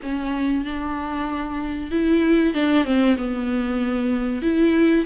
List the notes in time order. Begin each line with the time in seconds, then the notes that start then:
0.02 C#4
0.64 D4
1.91 E4
2.53 D4
2.84 C4
3.17 B3
4.42 E4